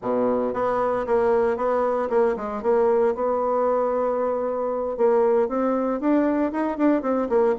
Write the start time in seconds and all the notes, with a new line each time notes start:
0.01 B2
0.53 B3
1.06 A#3
1.56 B3
2.09 A#3
2.36 G#3
2.62 A#3
3.14 B3
4.97 A#3
5.48 C4
6.00 D4
6.51 D#4
6.77 D4
7.02 C4
7.29 A#3